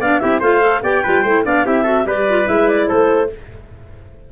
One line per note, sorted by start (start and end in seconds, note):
0.00 0.21 B3
0.00 0.20 D4
0.00 0.21 D5
0.00 0.19 F5
0.19 0.41 C4
0.19 0.41 E4
0.19 0.40 G4
0.19 0.40 E5
0.40 0.82 A3
0.40 0.61 F4
0.40 0.81 C5
0.40 0.83 F5
0.61 0.81 A4
0.82 1.03 B3
0.82 1.04 G4
0.82 1.03 D5
0.82 1.45 G5
1.03 1.24 G3
1.03 1.25 F4
1.03 1.22 B4
1.22 1.45 A3
1.22 1.44 E4
1.22 1.43 C5
1.44 1.66 B3
1.44 1.64 D4
1.44 1.66 D5
1.44 1.66 F5
1.64 2.05 C4
1.64 1.84 E4
1.64 1.83 G4
1.64 2.07 E5
1.83 2.04 F#4
1.83 2.04 A4
2.04 2.46 G3
2.04 2.24 G4
2.04 2.88 B4
2.04 2.48 D5
2.29 2.45 F4
2.45 2.89 G#3
2.45 3.27 E4
2.45 2.68 E5
2.68 2.88 D5
2.88 3.32 A3
2.88 3.30 A4
2.88 3.29 C5